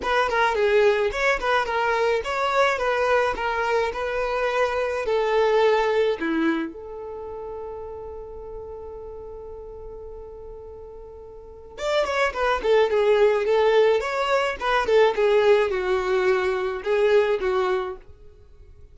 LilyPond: \new Staff \with { instrumentName = "violin" } { \time 4/4 \tempo 4 = 107 b'8 ais'8 gis'4 cis''8 b'8 ais'4 | cis''4 b'4 ais'4 b'4~ | b'4 a'2 e'4 | a'1~ |
a'1~ | a'4 d''8 cis''8 b'8 a'8 gis'4 | a'4 cis''4 b'8 a'8 gis'4 | fis'2 gis'4 fis'4 | }